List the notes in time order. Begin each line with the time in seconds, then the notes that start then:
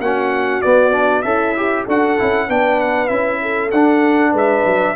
0.00 A#3 C#4 F#4 F#5
0.62 B3 D5
0.92 D4
1.23 C#4 E4 A4 E5
1.57 G4
1.85 D4 F#4 A4 F#5
2.18 C#4 E4
2.48 B3 D4 B4 G5
2.81 F#5
3.08 C#4 E4 E5
3.43 A4
3.72 D4 F#5
4.32 G#3 B4
4.38 E5
4.66 F#3